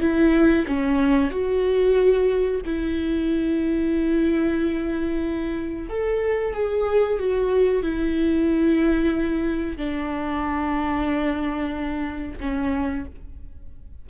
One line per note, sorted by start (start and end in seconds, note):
0.00 0.65 E4
0.67 1.30 C#4
1.30 2.61 F#4
2.65 5.89 E4
5.89 6.54 A4
6.54 7.19 G#4
7.19 7.82 F#4
7.82 9.77 E4
9.77 12.38 D4
12.40 13.05 C#4